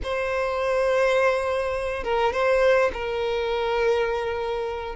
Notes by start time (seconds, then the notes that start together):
0.03 C5
2.03 A#4
2.32 C5
2.93 A#4